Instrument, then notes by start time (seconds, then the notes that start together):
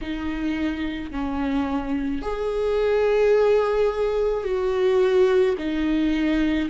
viola
0.01 D#4
1.11 C#4
2.22 G#4
4.44 F#4
5.58 D#4